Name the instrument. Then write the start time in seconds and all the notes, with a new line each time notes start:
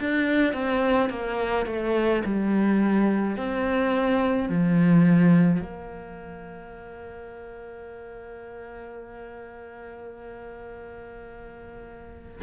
cello
0.00 D4
0.54 C4
1.10 A#3
1.67 A3
2.25 G3
3.37 C4
4.50 F3
5.61 A#3